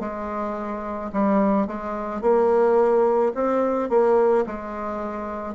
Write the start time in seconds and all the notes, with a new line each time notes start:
0.00 G#3
1.13 G3
1.67 G#3
2.21 A#3
3.34 C4
3.89 A#3
4.46 G#3